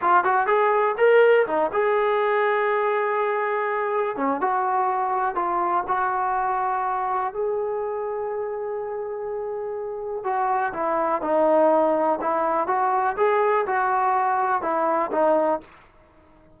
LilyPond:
\new Staff \with { instrumentName = "trombone" } { \time 4/4 \tempo 4 = 123 f'8 fis'8 gis'4 ais'4 dis'8 gis'8~ | gis'1~ | gis'8 cis'8 fis'2 f'4 | fis'2. gis'4~ |
gis'1~ | gis'4 fis'4 e'4 dis'4~ | dis'4 e'4 fis'4 gis'4 | fis'2 e'4 dis'4 | }